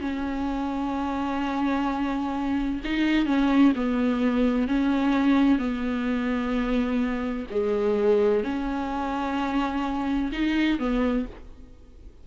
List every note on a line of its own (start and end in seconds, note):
0.00 2.81 C#4
2.84 3.26 D#4
3.26 3.72 C#4
3.75 4.67 B3
4.67 5.58 C#4
5.58 7.46 B3
7.50 8.43 G#3
8.43 10.31 C#4
10.32 10.79 D#4
10.79 11.25 B3